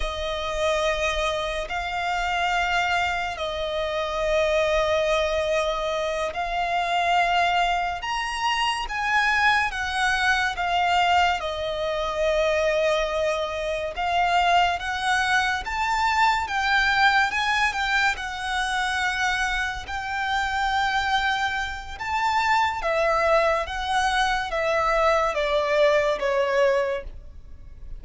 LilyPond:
\new Staff \with { instrumentName = "violin" } { \time 4/4 \tempo 4 = 71 dis''2 f''2 | dis''2.~ dis''8 f''8~ | f''4. ais''4 gis''4 fis''8~ | fis''8 f''4 dis''2~ dis''8~ |
dis''8 f''4 fis''4 a''4 g''8~ | g''8 gis''8 g''8 fis''2 g''8~ | g''2 a''4 e''4 | fis''4 e''4 d''4 cis''4 | }